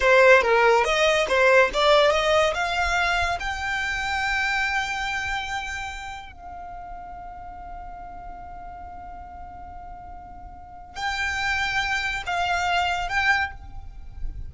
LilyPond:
\new Staff \with { instrumentName = "violin" } { \time 4/4 \tempo 4 = 142 c''4 ais'4 dis''4 c''4 | d''4 dis''4 f''2 | g''1~ | g''2. f''4~ |
f''1~ | f''1~ | f''2 g''2~ | g''4 f''2 g''4 | }